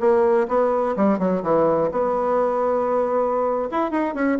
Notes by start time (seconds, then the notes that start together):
0.00 A#3
0.48 B3
0.96 G3
1.19 F#3
1.43 E3
1.92 B3
3.71 E4
3.91 D#4
4.15 C#4